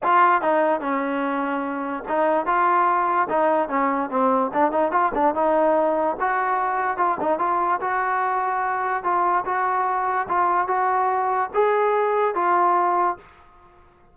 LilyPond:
\new Staff \with { instrumentName = "trombone" } { \time 4/4 \tempo 4 = 146 f'4 dis'4 cis'2~ | cis'4 dis'4 f'2 | dis'4 cis'4 c'4 d'8 dis'8 | f'8 d'8 dis'2 fis'4~ |
fis'4 f'8 dis'8 f'4 fis'4~ | fis'2 f'4 fis'4~ | fis'4 f'4 fis'2 | gis'2 f'2 | }